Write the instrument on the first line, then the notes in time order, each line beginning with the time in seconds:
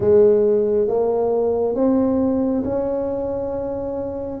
tuba
0.00 G#3
0.87 A#3
1.75 C4
2.64 C#4